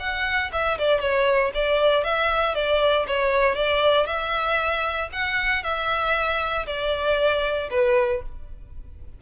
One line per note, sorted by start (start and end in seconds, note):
0.00 0.51 F#5
0.53 0.79 E5
0.79 1.01 D5
1.01 1.52 C#5
1.55 2.04 D5
2.04 2.55 E5
2.55 3.06 D5
3.08 3.56 C#5
3.56 4.07 D5
4.07 5.10 E5
5.13 5.64 F#5
5.64 6.66 E5
6.67 7.69 D5
7.71 8.22 B4